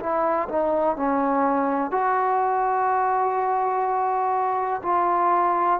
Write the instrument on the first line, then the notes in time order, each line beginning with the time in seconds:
trombone
0.00 E4
0.49 D#4
0.96 C#4
1.91 F#4
4.83 F4